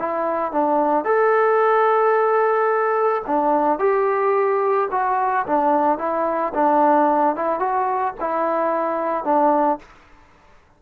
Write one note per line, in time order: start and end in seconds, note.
0.00 0.52 E4
0.52 1.05 D4
1.05 3.23 A4
3.27 3.80 D4
3.80 4.89 G4
4.92 5.46 F#4
5.47 5.99 D4
5.99 6.53 E4
6.55 7.36 D4
7.36 7.60 E4
7.60 8.14 F#4
8.20 9.25 E4
9.25 9.79 D4